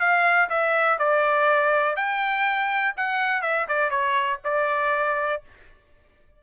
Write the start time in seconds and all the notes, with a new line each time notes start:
0.00 F5
0.50 E5
0.99 D5
1.96 G5
2.97 F#5
3.42 E5
3.68 D5
3.91 C#5
4.44 D5